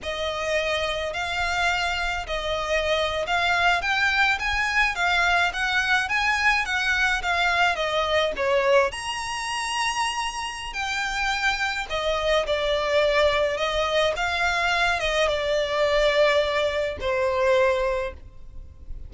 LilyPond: \new Staff \with { instrumentName = "violin" } { \time 4/4 \tempo 4 = 106 dis''2 f''2 | dis''4.~ dis''16 f''4 g''4 gis''16~ | gis''8. f''4 fis''4 gis''4 fis''16~ | fis''8. f''4 dis''4 cis''4 ais''16~ |
ais''2. g''4~ | g''4 dis''4 d''2 | dis''4 f''4. dis''8 d''4~ | d''2 c''2 | }